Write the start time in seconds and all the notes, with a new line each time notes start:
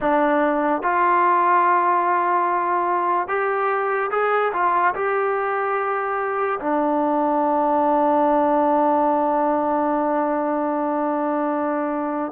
0.00 D4
0.82 F4
3.28 G4
4.11 G#4
4.53 F4
4.94 G4
6.59 D4